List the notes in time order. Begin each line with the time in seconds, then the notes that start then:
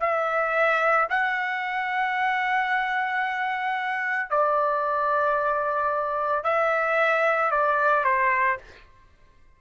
0.00 E5
1.10 F#5
4.30 D5
6.43 E5
7.50 D5
8.04 C5